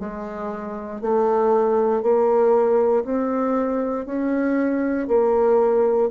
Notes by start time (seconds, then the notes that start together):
0.00 G#3
1.02 A3
2.02 A#3
3.05 C4
4.06 C#4
5.08 A#3